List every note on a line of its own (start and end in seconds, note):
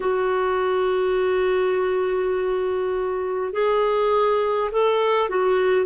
0.00 3.52 F#4
3.52 4.70 G#4
4.71 5.29 A4
5.29 5.86 F#4